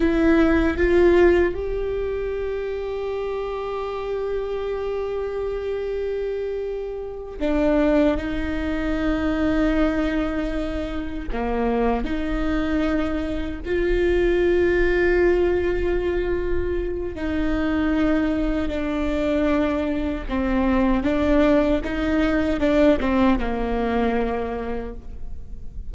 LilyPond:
\new Staff \with { instrumentName = "viola" } { \time 4/4 \tempo 4 = 77 e'4 f'4 g'2~ | g'1~ | g'4. d'4 dis'4.~ | dis'2~ dis'8 ais4 dis'8~ |
dis'4. f'2~ f'8~ | f'2 dis'2 | d'2 c'4 d'4 | dis'4 d'8 c'8 ais2 | }